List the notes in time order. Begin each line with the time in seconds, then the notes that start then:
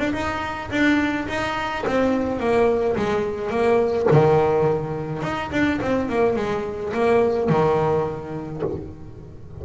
0.00 D4
0.13 D#4
0.71 D4
1.29 D#4
1.87 C4
2.40 A#3
2.97 G#3
3.51 A#3
4.11 D#3
5.23 D#4
5.52 D4
5.82 C4
6.09 A#3
6.36 G#3
6.94 A#3
7.49 D#3